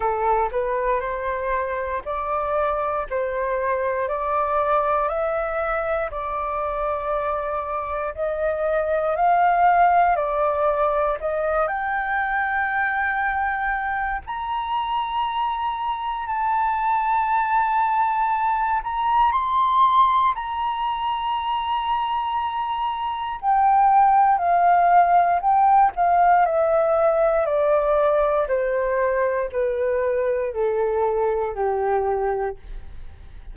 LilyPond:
\new Staff \with { instrumentName = "flute" } { \time 4/4 \tempo 4 = 59 a'8 b'8 c''4 d''4 c''4 | d''4 e''4 d''2 | dis''4 f''4 d''4 dis''8 g''8~ | g''2 ais''2 |
a''2~ a''8 ais''8 c'''4 | ais''2. g''4 | f''4 g''8 f''8 e''4 d''4 | c''4 b'4 a'4 g'4 | }